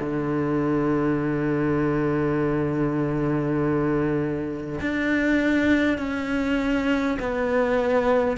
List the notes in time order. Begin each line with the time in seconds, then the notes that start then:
0.00 D3
4.81 D4
5.98 C#4
7.20 B3